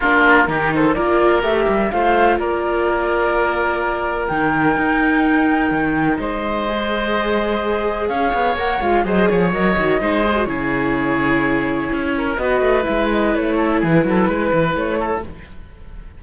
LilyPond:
<<
  \new Staff \with { instrumentName = "flute" } { \time 4/4 \tempo 4 = 126 ais'4. c''8 d''4 e''4 | f''4 d''2.~ | d''4 g''2.~ | g''4 dis''2.~ |
dis''4 f''4 fis''8 f''8 dis''8 cis''8 | dis''2 cis''2~ | cis''2 dis''4 e''8 dis''8 | cis''4 b'2 cis''4 | }
  \new Staff \with { instrumentName = "oboe" } { \time 4/4 f'4 g'8 a'8 ais'2 | c''4 ais'2.~ | ais'1~ | ais'4 c''2.~ |
c''4 cis''2 c''8 cis''8~ | cis''4 c''4 gis'2~ | gis'4. ais'8 b'2~ | b'8 a'8 gis'8 a'8 b'4. a'8 | }
  \new Staff \with { instrumentName = "viola" } { \time 4/4 d'4 dis'4 f'4 g'4 | f'1~ | f'4 dis'2.~ | dis'2 gis'2~ |
gis'2 ais'8 f'8 gis'4 | ais'8 fis'8 dis'8 gis'16 fis'16 e'2~ | e'2 fis'4 e'4~ | e'1 | }
  \new Staff \with { instrumentName = "cello" } { \time 4/4 ais4 dis4 ais4 a8 g8 | a4 ais2.~ | ais4 dis4 dis'2 | dis4 gis2.~ |
gis4 cis'8 b8 ais8 gis8 fis8 f8 | fis8 dis8 gis4 cis2~ | cis4 cis'4 b8 a8 gis4 | a4 e8 fis8 gis8 e8 a4 | }
>>